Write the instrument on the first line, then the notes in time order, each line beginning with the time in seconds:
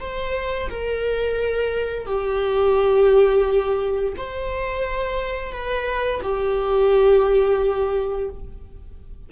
viola
0.00 C5
0.69 A#4
2.06 G4
4.17 C5
5.52 B4
6.22 G4